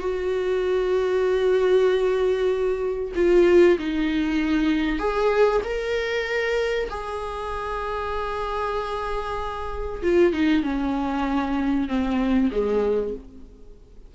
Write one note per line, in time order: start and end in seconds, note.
0.00 3.12 F#4
3.16 3.78 F4
3.79 4.99 D#4
4.99 5.62 G#4
5.64 6.89 A#4
6.90 10.03 G#4
10.03 10.34 F4
10.34 10.64 D#4
10.64 11.89 C#4
11.89 12.51 C4
12.52 13.14 G#3